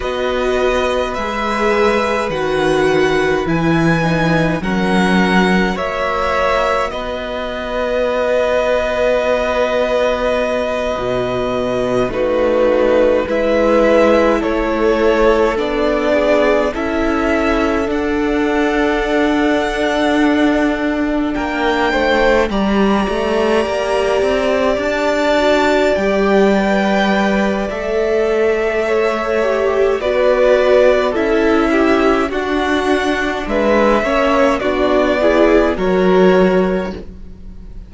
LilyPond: <<
  \new Staff \with { instrumentName = "violin" } { \time 4/4 \tempo 4 = 52 dis''4 e''4 fis''4 gis''4 | fis''4 e''4 dis''2~ | dis''2~ dis''8 b'4 e''8~ | e''8 cis''4 d''4 e''4 fis''8~ |
fis''2~ fis''8 g''4 ais''8~ | ais''4. a''4 g''4. | e''2 d''4 e''4 | fis''4 e''4 d''4 cis''4 | }
  \new Staff \with { instrumentName = "violin" } { \time 4/4 b'1 | ais'4 cis''4 b'2~ | b'2~ b'8 fis'4 b'8~ | b'8 a'4. gis'8 a'4.~ |
a'2~ a'8 ais'8 c''8 d''8~ | d''1~ | d''4 cis''4 b'4 a'8 g'8 | fis'4 b'8 cis''8 fis'8 gis'8 ais'4 | }
  \new Staff \with { instrumentName = "viola" } { \time 4/4 fis'4 gis'4 fis'4 e'8 dis'8 | cis'4 fis'2.~ | fis'2~ fis'8 dis'4 e'8~ | e'4. d'4 e'4 d'8~ |
d'2.~ d'8 g'8~ | g'2 fis'8 g'8 b'4 | a'4. g'8 fis'4 e'4 | d'4. cis'8 d'8 e'8 fis'4 | }
  \new Staff \with { instrumentName = "cello" } { \time 4/4 b4 gis4 dis4 e4 | fis4 ais4 b2~ | b4. b,4 a4 gis8~ | gis8 a4 b4 cis'4 d'8~ |
d'2~ d'8 ais8 a8 g8 | a8 ais8 c'8 d'4 g4. | a2 b4 cis'4 | d'4 gis8 ais8 b4 fis4 | }
>>